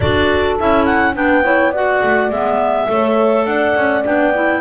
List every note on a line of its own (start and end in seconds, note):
0.00 0.59 D4
0.00 0.59 F#4
0.00 1.15 A4
0.00 0.56 D5
0.59 1.15 C#4
0.59 1.14 E4
0.59 0.85 E5
0.85 1.14 F#5
1.14 2.01 B3
1.14 1.43 D4
1.14 1.43 B4
1.14 1.73 G5
1.43 1.72 E4
1.43 1.71 C#5
1.71 2.31 F#4
1.71 2.86 D5
1.71 2.31 F#5
2.02 2.30 A3
2.30 2.87 G#3
2.30 2.87 B3
2.30 3.45 E5
2.87 3.45 A3
2.87 4.03 A4
2.87 3.47 C#5
3.45 3.74 D4
3.45 4.61 D5
3.45 4.03 F#5
3.75 4.04 C#4
4.03 4.61 B3
4.03 4.32 D4
4.03 4.61 G5
4.34 4.61 E4